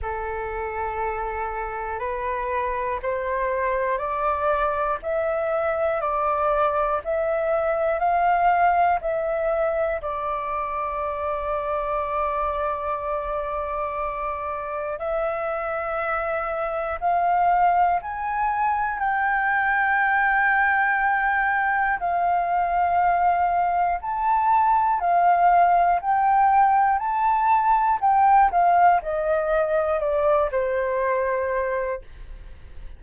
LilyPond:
\new Staff \with { instrumentName = "flute" } { \time 4/4 \tempo 4 = 60 a'2 b'4 c''4 | d''4 e''4 d''4 e''4 | f''4 e''4 d''2~ | d''2. e''4~ |
e''4 f''4 gis''4 g''4~ | g''2 f''2 | a''4 f''4 g''4 a''4 | g''8 f''8 dis''4 d''8 c''4. | }